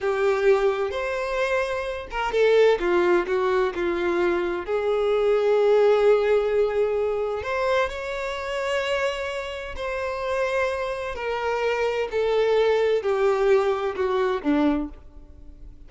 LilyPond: \new Staff \with { instrumentName = "violin" } { \time 4/4 \tempo 4 = 129 g'2 c''2~ | c''8 ais'8 a'4 f'4 fis'4 | f'2 gis'2~ | gis'1 |
c''4 cis''2.~ | cis''4 c''2. | ais'2 a'2 | g'2 fis'4 d'4 | }